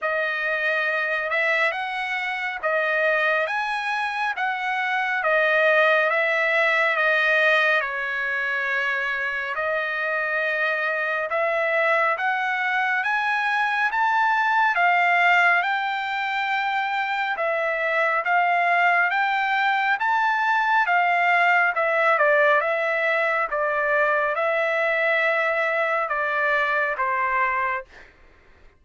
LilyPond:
\new Staff \with { instrumentName = "trumpet" } { \time 4/4 \tempo 4 = 69 dis''4. e''8 fis''4 dis''4 | gis''4 fis''4 dis''4 e''4 | dis''4 cis''2 dis''4~ | dis''4 e''4 fis''4 gis''4 |
a''4 f''4 g''2 | e''4 f''4 g''4 a''4 | f''4 e''8 d''8 e''4 d''4 | e''2 d''4 c''4 | }